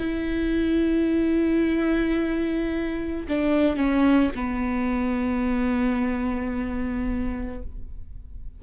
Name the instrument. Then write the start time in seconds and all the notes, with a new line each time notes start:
viola
0.00 E4
3.29 D4
3.76 C#4
4.35 B3